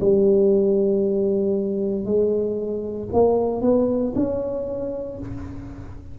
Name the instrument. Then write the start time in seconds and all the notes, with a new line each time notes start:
tuba
0.00 G3
2.05 G#3
3.12 A#3
3.61 B3
4.15 C#4